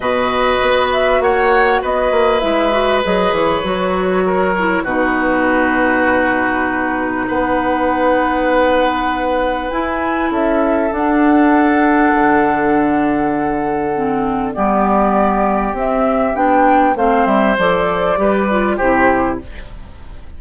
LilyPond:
<<
  \new Staff \with { instrumentName = "flute" } { \time 4/4 \tempo 4 = 99 dis''4. e''8 fis''4 dis''4 | e''4 dis''8 cis''2~ cis''8 | b'1 | fis''1 |
gis''4 e''4 fis''2~ | fis''1 | d''2 e''4 g''4 | f''8 e''8 d''2 c''4 | }
  \new Staff \with { instrumentName = "oboe" } { \time 4/4 b'2 cis''4 b'4~ | b'2. ais'4 | fis'1 | b'1~ |
b'4 a'2.~ | a'1 | g'1 | c''2 b'4 g'4 | }
  \new Staff \with { instrumentName = "clarinet" } { \time 4/4 fis'1 | e'8 fis'8 gis'4 fis'4. e'8 | dis'1~ | dis'1 |
e'2 d'2~ | d'2. c'4 | b2 c'4 d'4 | c'4 a'4 g'8 f'8 e'4 | }
  \new Staff \with { instrumentName = "bassoon" } { \time 4/4 b,4 b4 ais4 b8 ais8 | gis4 fis8 e8 fis2 | b,1 | b1 |
e'4 cis'4 d'2 | d1 | g2 c'4 b4 | a8 g8 f4 g4 c4 | }
>>